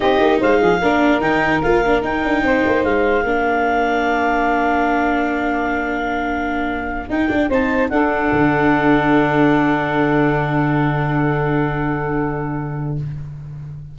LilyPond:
<<
  \new Staff \with { instrumentName = "clarinet" } { \time 4/4 \tempo 4 = 148 dis''4 f''2 g''4 | f''4 g''2 f''4~ | f''1~ | f''1~ |
f''4. g''4 a''4 fis''8~ | fis''1~ | fis''1~ | fis''1 | }
  \new Staff \with { instrumentName = "saxophone" } { \time 4/4 g'4 c''8 gis'8 ais'2~ | ais'2 c''2 | ais'1~ | ais'1~ |
ais'2~ ais'8 c''4 a'8~ | a'1~ | a'1~ | a'1 | }
  \new Staff \with { instrumentName = "viola" } { \time 4/4 dis'2 d'4 dis'4 | f'8 d'8 dis'2. | d'1~ | d'1~ |
d'4. dis'8 d'8 dis'4 d'8~ | d'1~ | d'1~ | d'1 | }
  \new Staff \with { instrumentName = "tuba" } { \time 4/4 c'8 ais8 gis8 f8 ais4 dis4 | ais4 dis'8 d'8 c'8 ais8 gis4 | ais1~ | ais1~ |
ais4. dis'8 d'8 c'4 d'8~ | d'8 d2.~ d8~ | d1~ | d1 | }
>>